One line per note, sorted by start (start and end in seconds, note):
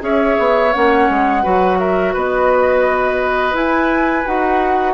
0.00 0.37 C#4
0.00 0.71 G#4
0.00 1.42 C#5
0.00 0.72 E5
0.39 0.74 B3
0.72 1.09 A#3
0.72 1.42 C#4
0.72 1.78 F#5
1.09 1.44 G#3
1.42 2.15 F#3
1.42 3.53 F#4
1.42 1.78 B4
1.78 2.13 A#4
1.78 2.14 E5
2.13 3.52 B3
2.13 4.93 B4
2.13 3.56 D#5
3.52 4.23 E4
3.52 4.26 G#5
4.25 4.93 D#4
4.25 4.93 F#4
4.25 4.93 F#5